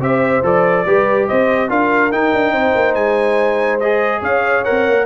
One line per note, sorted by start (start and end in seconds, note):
0.00 0.42 C4
0.00 0.42 G4
0.00 0.86 C5
0.00 0.45 E5
0.43 0.85 F3
0.43 0.85 A4
0.43 1.28 D5
0.86 1.28 G3
0.86 1.69 G4
0.86 1.28 B4
1.28 1.70 C4
1.28 1.70 C5
1.28 1.70 D#5
1.69 2.12 D4
1.69 2.11 F4
1.69 2.54 A#4
1.69 2.12 F5
2.12 2.33 D#4
2.12 3.81 D#4
2.12 2.95 G5
2.33 2.52 D4
2.52 2.73 C4
2.52 4.21 C5
2.75 2.95 A#3
2.95 4.22 G#3
2.95 3.79 G#5
3.80 4.65 G#4
3.80 4.22 D#5
4.21 4.64 C#4
4.21 5.05 C#5
4.21 4.64 F5
4.64 4.89 C4
4.64 5.06 A#4
4.64 5.06 F#5
4.89 5.06 A#3